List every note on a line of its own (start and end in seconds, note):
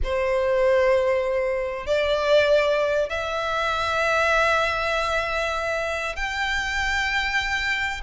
0.03 1.86 C5
1.86 3.09 D5
3.09 6.16 E5
6.16 8.01 G5